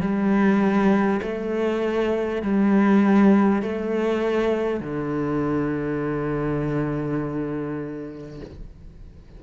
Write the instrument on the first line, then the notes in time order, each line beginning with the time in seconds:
cello
0.00 G3
1.22 A3
2.42 G3
3.62 A3
4.80 D3